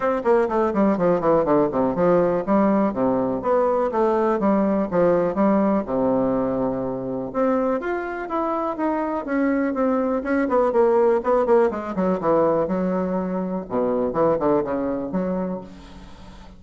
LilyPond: \new Staff \with { instrumentName = "bassoon" } { \time 4/4 \tempo 4 = 123 c'8 ais8 a8 g8 f8 e8 d8 c8 | f4 g4 c4 b4 | a4 g4 f4 g4 | c2. c'4 |
f'4 e'4 dis'4 cis'4 | c'4 cis'8 b8 ais4 b8 ais8 | gis8 fis8 e4 fis2 | b,4 e8 d8 cis4 fis4 | }